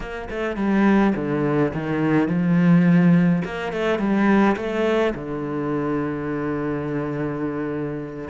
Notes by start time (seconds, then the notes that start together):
0.00 A#3
0.30 A3
0.56 G3
1.15 D3
1.73 D#3
2.28 F3
3.44 A#3
3.72 A3
3.98 G3
4.56 A3
5.14 D3